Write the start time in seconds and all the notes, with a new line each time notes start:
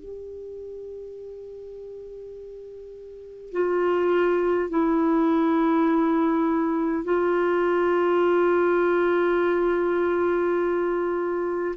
0.00 G4
3.52 F4
4.70 E4
7.05 F4